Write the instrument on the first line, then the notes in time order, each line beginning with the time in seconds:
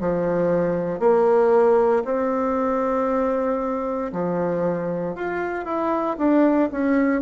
bassoon
0.00 F3
0.99 A#3
2.05 C4
4.12 F3
5.15 F4
5.65 E4
6.18 D4
6.71 C#4